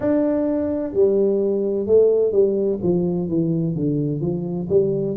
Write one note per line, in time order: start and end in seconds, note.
0.00 0.93 D4
0.93 1.86 G3
1.86 2.32 A3
2.32 2.79 G3
2.82 3.28 F3
3.28 3.75 E3
3.75 4.21 D3
4.21 4.67 F3
4.69 5.16 G3